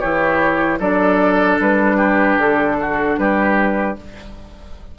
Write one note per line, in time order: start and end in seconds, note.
0.00 0.79 E3
0.00 0.80 E4
0.00 0.79 G4
0.00 0.79 C#5
0.79 1.58 F#3
0.79 3.96 D4
0.79 1.97 A4
0.79 1.59 D5
1.59 2.37 G3
1.59 2.40 B4
1.97 2.76 G4
2.37 3.16 D3
2.37 3.18 A4
2.81 3.19 F#4
3.18 3.97 G3
3.18 3.98 G4
3.18 3.97 B4